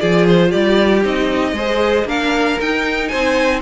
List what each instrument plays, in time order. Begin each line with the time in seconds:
0.00 cello F3, viola F4, violin G#4 D5
0.26 violin C5
0.49 cello G3, violin G4 D5
1.03 cello C4, viola D#4, violin D#5
1.52 cello G#3, viola G#4, violin C5
2.05 cello A#3, viola D4, violin A#4 F5
2.61 cello D#4, viola D#4, violin G5
3.08 cello C4, violin C5 G#5